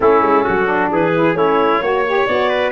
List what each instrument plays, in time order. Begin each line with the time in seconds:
0.00 tuba A3, saxophone C#4, trumpet E4, clarinet A4
0.21 tuba G#3
0.44 tuba F#3, trumpet F#4
0.64 saxophone D4
0.91 tuba E3, trumpet G#4, clarinet B4
1.15 saxophone E4
1.34 tuba A3, saxophone C#4, trumpet E4, clarinet C#5
1.81 tuba A#3, saxophone F#4, trumpet C#5
2.07 saxophone G4
2.25 tuba B3, saxophone F#4, clarinet D5
2.49 trumpet B4